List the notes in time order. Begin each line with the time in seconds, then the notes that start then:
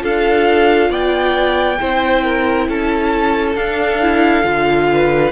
0.00 D4 F4 A4 F5
0.90 B3 D5 G5
1.80 C4 E4 C5
2.24 A#4
2.68 C#4 A4 A5
3.56 D4 F5
4.01 E4
4.44 D3 F4
4.93 B4